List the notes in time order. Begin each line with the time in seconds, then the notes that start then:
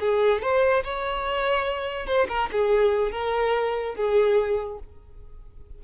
0.00 G#4
0.42 C5
0.84 C#5
2.06 C5
2.28 A#4
2.52 G#4
3.12 A#4
3.95 G#4